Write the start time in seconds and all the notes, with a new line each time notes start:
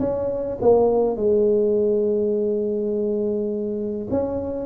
0.00 C#4
0.62 A#3
1.17 G#3
4.11 C#4